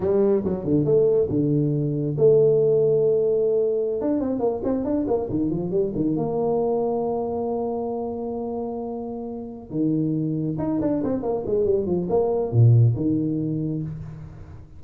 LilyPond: \new Staff \with { instrumentName = "tuba" } { \time 4/4 \tempo 4 = 139 g4 fis8 d8 a4 d4~ | d4 a2.~ | a4~ a16 d'8 c'8 ais8 c'8 d'8 ais16~ | ais16 dis8 f8 g8 dis8 ais4.~ ais16~ |
ais1~ | ais2~ ais8 dis4.~ | dis8 dis'8 d'8 c'8 ais8 gis8 g8 f8 | ais4 ais,4 dis2 | }